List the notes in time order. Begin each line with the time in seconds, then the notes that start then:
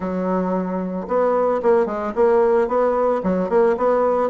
0.00 F#3
1.07 B3
1.62 A#3
1.86 G#3
2.15 A#3
2.68 B3
3.23 F#3
3.49 A#3
3.77 B3